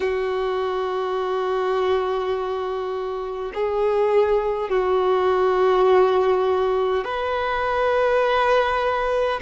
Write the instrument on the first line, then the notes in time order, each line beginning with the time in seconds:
violin
0.00 F#4
3.54 G#4
4.70 F#4
7.04 B4